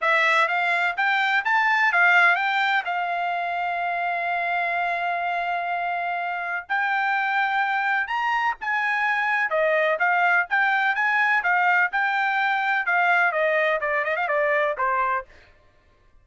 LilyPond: \new Staff \with { instrumentName = "trumpet" } { \time 4/4 \tempo 4 = 126 e''4 f''4 g''4 a''4 | f''4 g''4 f''2~ | f''1~ | f''2 g''2~ |
g''4 ais''4 gis''2 | dis''4 f''4 g''4 gis''4 | f''4 g''2 f''4 | dis''4 d''8 dis''16 f''16 d''4 c''4 | }